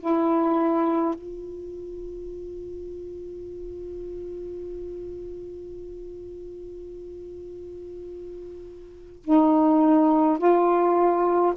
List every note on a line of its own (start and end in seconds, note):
0.00 1.15 E4
1.15 9.23 F4
9.24 10.38 D#4
10.38 11.54 F4